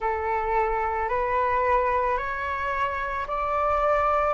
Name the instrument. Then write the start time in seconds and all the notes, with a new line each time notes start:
flute
0.00 A4
1.09 B4
2.17 C#5
3.27 D5